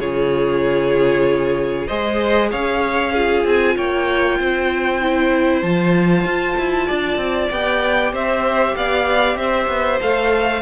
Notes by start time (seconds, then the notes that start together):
0.00 C#3 F4 G#4 C#5
1.88 G#3 G#4 C5 D#5
2.51 C#4 C#5 F5
3.13 F4 G#4
3.45 C4 G#5
3.77 A#3 C#5 G5
4.40 C4 C5
5.02 E4
5.62 F3 F4 A5
6.25 F4
6.58 E4
6.88 D4 D5
7.18 C4
7.52 B3 G4 G5
8.13 C4 C5 E5
8.77 B3 D5 F5
9.36 C4 C5 E5
9.68 B3
10.02 A3 A4 F5